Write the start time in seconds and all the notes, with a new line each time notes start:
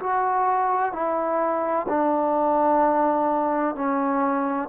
0.00 F#4
0.93 E4
1.89 D4
3.76 C#4